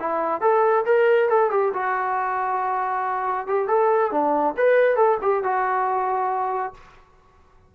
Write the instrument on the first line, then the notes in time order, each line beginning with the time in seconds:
trombone
0.00 E4
0.42 A4
0.86 A#4
1.29 A4
1.51 G4
1.74 F#4
3.47 G4
3.68 A4
4.11 D4
4.57 B4
4.96 A4
5.22 G4
5.44 F#4